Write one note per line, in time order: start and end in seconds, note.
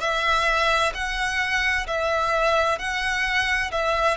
0.00 0.92 E5
0.94 1.86 F#5
1.87 2.78 E5
2.78 3.70 F#5
3.71 4.17 E5